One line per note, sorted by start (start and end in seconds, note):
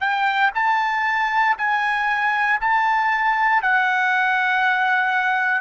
0.00 0.51 G5
0.55 1.56 A5
1.58 2.59 G#5
2.60 3.62 A5
3.62 5.61 F#5